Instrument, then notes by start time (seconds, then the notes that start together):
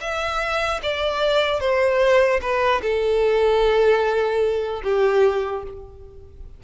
violin
0.00 E5
0.82 D5
1.60 C5
2.41 B4
2.82 A4
4.83 G4